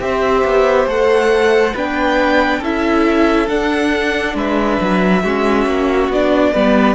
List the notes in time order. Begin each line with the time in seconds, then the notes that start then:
0.00 C4 G4 C5 E5
0.44 B3
0.86 A3 A4 F#5
1.74 B3 D4 B4 G5
2.60 C#4 E4 A4 E5
3.48 D4 F#5
4.34 G#3 B4 E5
4.81 F#3
5.23 G#3 C#4 F#4
5.66 A#3
6.08 B3 D4 D5
6.53 G3 B3 B4